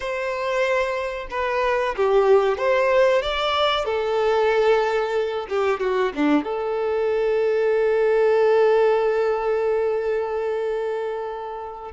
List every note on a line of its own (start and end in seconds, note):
0.00 1.27 C5
1.30 1.95 B4
1.96 2.57 G4
2.57 3.21 C5
3.21 3.85 D5
3.85 5.46 A4
5.49 5.80 G4
5.80 6.12 F#4
6.15 6.43 D4
6.43 11.91 A4